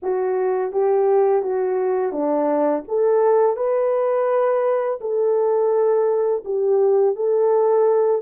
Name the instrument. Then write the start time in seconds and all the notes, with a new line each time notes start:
horn
0.02 F#4
0.72 G4
1.42 F#4
2.12 D4
2.87 A4
3.56 B4
5.00 A4
6.44 G4
7.15 A4